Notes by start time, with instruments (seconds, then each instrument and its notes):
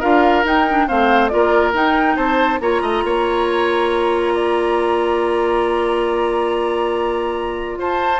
0.00 bassoon D4, clarinet F4, oboe A#4, flute F5
0.44 clarinet D#4, bassoon D#4, flute G5
0.70 clarinet D4
0.88 bassoon A3, clarinet C4, oboe C5, flute F5
1.28 bassoon A#3, clarinet F4, oboe A#4, flute D5
1.73 bassoon D#4, clarinet D#4, flute G5
2.16 bassoon C4, oboe C5, flute A5
2.60 bassoon A#3, clarinet F4, oboe C#5, flute A#5
2.82 bassoon A3, oboe D#5
3.04 bassoon A#3, oboe C#5
4.34 oboe D5
7.77 bassoon F4, oboe C5, flute A5